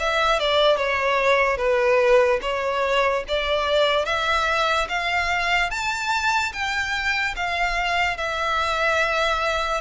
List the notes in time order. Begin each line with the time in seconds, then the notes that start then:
0.00 E5
0.40 D5
0.77 C#5
1.58 B4
2.42 C#5
3.28 D5
4.06 E5
4.89 F5
5.71 A5
6.53 G5
7.36 F5
8.18 E5